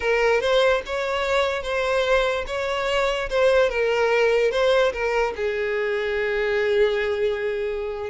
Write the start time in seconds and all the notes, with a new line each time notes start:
0.00 A#4
0.40 C5
0.86 C#5
1.62 C5
2.47 C#5
3.29 C5
3.69 A#4
4.51 C5
4.92 A#4
5.35 G#4